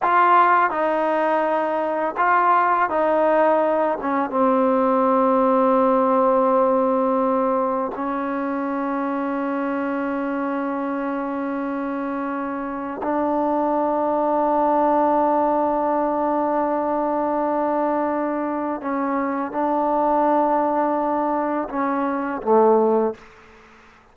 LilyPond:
\new Staff \with { instrumentName = "trombone" } { \time 4/4 \tempo 4 = 83 f'4 dis'2 f'4 | dis'4. cis'8 c'2~ | c'2. cis'4~ | cis'1~ |
cis'2 d'2~ | d'1~ | d'2 cis'4 d'4~ | d'2 cis'4 a4 | }